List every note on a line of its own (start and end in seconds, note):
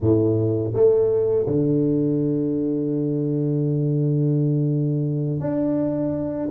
0.00 0.73 A2
0.74 1.46 A3
1.46 5.40 D3
5.40 6.48 D4